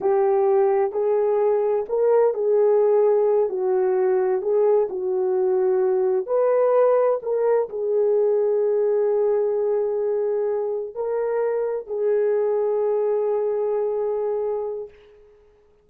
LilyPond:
\new Staff \with { instrumentName = "horn" } { \time 4/4 \tempo 4 = 129 g'2 gis'2 | ais'4 gis'2~ gis'8 fis'8~ | fis'4. gis'4 fis'4.~ | fis'4. b'2 ais'8~ |
ais'8 gis'2.~ gis'8~ | gis'2.~ gis'8 ais'8~ | ais'4. gis'2~ gis'8~ | gis'1 | }